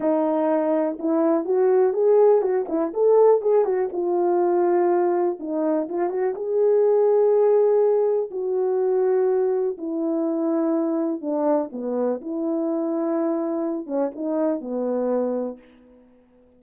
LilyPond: \new Staff \with { instrumentName = "horn" } { \time 4/4 \tempo 4 = 123 dis'2 e'4 fis'4 | gis'4 fis'8 e'8 a'4 gis'8 fis'8 | f'2. dis'4 | f'8 fis'8 gis'2.~ |
gis'4 fis'2. | e'2. d'4 | b4 e'2.~ | e'8 cis'8 dis'4 b2 | }